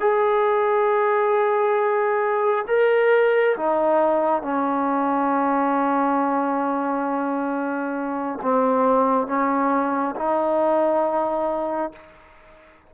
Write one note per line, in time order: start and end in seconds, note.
0.00 2.65 G#4
2.68 3.56 A#4
3.57 4.42 D#4
4.42 8.39 C#4
8.42 9.27 C4
9.27 10.15 C#4
10.16 11.92 D#4